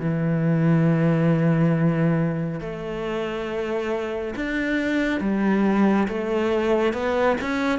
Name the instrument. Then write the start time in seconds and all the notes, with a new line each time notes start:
cello
0.00 E3
2.61 A3
4.36 D4
5.21 G3
6.08 A3
6.93 B3
7.42 C#4